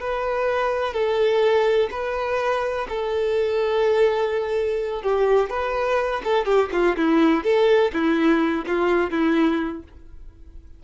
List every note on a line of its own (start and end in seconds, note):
0.00 0.93 B4
0.93 1.89 A4
1.91 2.87 B4
2.89 5.03 A4
5.03 5.50 G4
5.50 6.22 B4
6.24 6.45 A4
6.45 6.69 G4
6.72 6.96 F4
6.96 7.44 E4
7.44 7.92 A4
7.93 8.65 E4
8.66 9.11 F4
9.11 9.83 E4